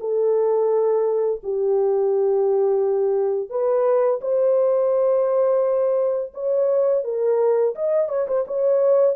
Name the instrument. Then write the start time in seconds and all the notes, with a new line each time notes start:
horn
0.00 A4
1.44 G4
3.50 B4
4.21 C5
6.34 C#5
7.04 A#4
7.76 D#5
8.09 C#5
8.28 C5
8.48 C#5